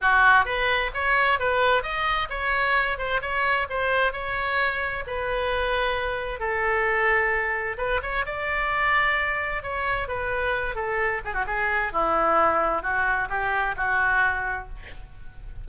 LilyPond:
\new Staff \with { instrumentName = "oboe" } { \time 4/4 \tempo 4 = 131 fis'4 b'4 cis''4 b'4 | dis''4 cis''4. c''8 cis''4 | c''4 cis''2 b'4~ | b'2 a'2~ |
a'4 b'8 cis''8 d''2~ | d''4 cis''4 b'4. a'8~ | a'8 gis'16 fis'16 gis'4 e'2 | fis'4 g'4 fis'2 | }